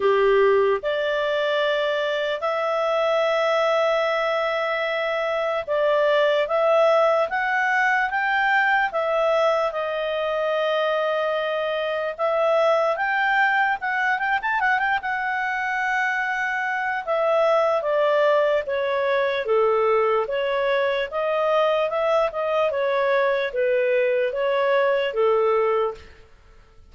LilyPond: \new Staff \with { instrumentName = "clarinet" } { \time 4/4 \tempo 4 = 74 g'4 d''2 e''4~ | e''2. d''4 | e''4 fis''4 g''4 e''4 | dis''2. e''4 |
g''4 fis''8 g''16 a''16 fis''16 g''16 fis''4.~ | fis''4 e''4 d''4 cis''4 | a'4 cis''4 dis''4 e''8 dis''8 | cis''4 b'4 cis''4 a'4 | }